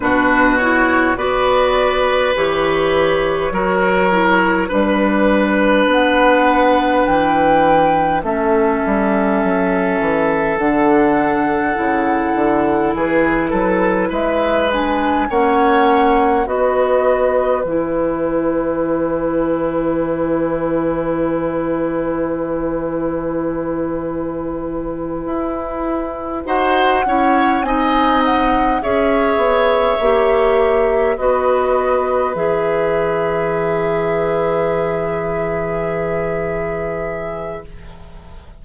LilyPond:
<<
  \new Staff \with { instrumentName = "flute" } { \time 4/4 \tempo 4 = 51 b'8 cis''8 d''4 cis''2 | b'4 fis''4 g''4 e''4~ | e''4 fis''2 b'4 | e''8 gis''8 fis''4 dis''4 gis''4~ |
gis''1~ | gis''2~ gis''8 fis''4 gis''8 | fis''8 e''2 dis''4 e''8~ | e''1 | }
  \new Staff \with { instrumentName = "oboe" } { \time 4/4 fis'4 b'2 ais'4 | b'2. a'4~ | a'2. gis'8 a'8 | b'4 cis''4 b'2~ |
b'1~ | b'2~ b'8 c''8 cis''8 dis''8~ | dis''8 cis''2 b'4.~ | b'1 | }
  \new Staff \with { instrumentName = "clarinet" } { \time 4/4 d'8 e'8 fis'4 g'4 fis'8 e'8 | d'2. cis'4~ | cis'4 d'4 e'2~ | e'8 d'8 cis'4 fis'4 e'4~ |
e'1~ | e'2~ e'8 fis'8 e'8 dis'8~ | dis'8 gis'4 g'4 fis'4 gis'8~ | gis'1 | }
  \new Staff \with { instrumentName = "bassoon" } { \time 4/4 b,4 b4 e4 fis4 | g4 b4 e4 a8 g8 | fis8 e8 d4 cis8 d8 e8 fis8 | gis4 ais4 b4 e4~ |
e1~ | e4. e'4 dis'8 cis'8 c'8~ | c'8 cis'8 b8 ais4 b4 e8~ | e1 | }
>>